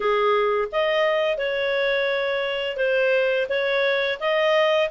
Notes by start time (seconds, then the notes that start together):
0.00 G#4
0.72 D#5
1.37 C#5
2.77 C5
3.49 C#5
4.20 D#5